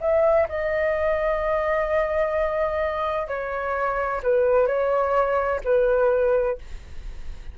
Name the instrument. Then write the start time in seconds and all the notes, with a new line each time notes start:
flute
0.00 E5
0.48 D#5
3.27 C#5
4.22 B4
4.67 C#5
5.64 B4